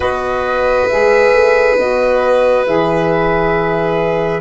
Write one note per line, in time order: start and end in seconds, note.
0.00 0.87 B3
0.00 0.87 F#4
0.00 4.40 B4
0.00 0.87 D#5
0.87 1.32 G#3
0.87 1.78 G#4
0.87 1.76 E5
1.32 1.76 A3
1.77 2.66 B3
1.77 2.65 F#4
1.77 2.65 D#5
2.65 4.40 E3
2.65 4.40 G#4
2.65 4.40 E5